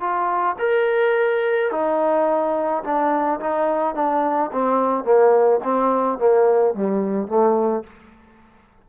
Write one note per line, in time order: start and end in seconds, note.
0.00 0.56 F4
0.59 1.71 A#4
1.71 2.83 D#4
2.83 3.40 D4
3.40 3.94 D#4
3.94 4.50 D4
4.52 5.04 C4
5.04 5.60 A#3
5.63 6.18 C4
6.18 6.74 A#3
6.74 7.27 G3
7.27 7.84 A3